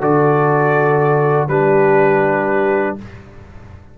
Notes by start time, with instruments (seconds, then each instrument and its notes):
0.00 tuba D3, trombone F#4, horn A4, trumpet D5
1.48 tuba G3, trombone D4, horn G4, trumpet B4